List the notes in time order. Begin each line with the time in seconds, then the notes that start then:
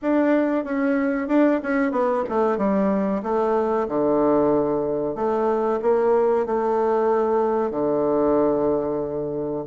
0.02 D4
0.64 C#4
1.28 D4
1.62 C#4
1.91 B3
2.29 A3
2.57 G3
3.23 A3
3.87 D3
5.15 A3
5.82 A#3
6.45 A3
7.70 D3